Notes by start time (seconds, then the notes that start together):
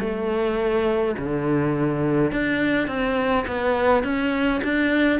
0.00 A3
1.19 D3
2.32 D4
2.88 C4
3.47 B3
4.04 C#4
4.64 D4